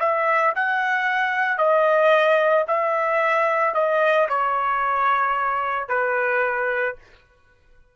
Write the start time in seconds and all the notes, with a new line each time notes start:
0.00 E5
0.56 F#5
1.58 D#5
2.68 E5
3.75 D#5
4.30 C#5
5.89 B4